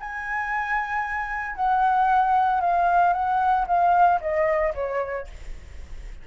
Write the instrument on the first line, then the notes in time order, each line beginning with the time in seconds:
flute
0.00 G#5
1.56 F#5
2.61 F5
3.13 F#5
3.67 F5
4.21 D#5
4.75 C#5